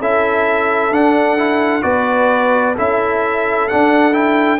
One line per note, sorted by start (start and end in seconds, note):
0.00 0.91 C#4
0.00 0.92 E4
0.00 1.84 A4
0.00 0.94 E5
0.91 1.84 D4
0.91 1.38 D4
0.91 1.83 F#5
1.38 1.82 E4
1.82 2.76 B3
1.82 2.75 F#4
1.82 2.75 B4
1.82 2.75 D5
2.75 3.70 C#4
2.75 3.70 E4
2.75 4.60 A4
2.75 3.69 E5
3.69 4.13 D4
3.69 4.60 D4
3.69 4.14 F#5
4.13 4.59 E4
4.13 4.60 G5